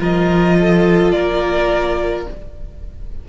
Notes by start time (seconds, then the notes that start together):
0.00 F3 F4 A#4 D#5
0.60 A4
1.11 A#3 A#4 D5